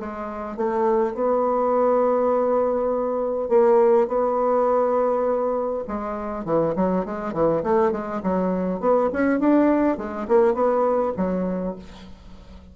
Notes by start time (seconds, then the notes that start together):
0.00 G#3
0.57 A3
1.15 B3
3.49 A#3
4.08 B3
5.88 G#3
6.45 E3
6.76 F#3
7.06 G#3
7.33 E3
7.63 A3
7.92 G#3
8.23 F#3
8.80 B3
9.13 C#4
9.40 D4
9.98 G#3
10.28 A#3
10.55 B3
11.17 F#3